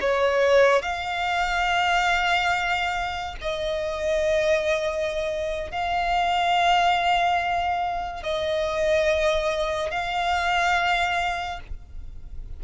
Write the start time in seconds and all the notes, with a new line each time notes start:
0.00 C#5
0.82 F5
3.41 D#5
5.71 F5
8.23 D#5
9.91 F5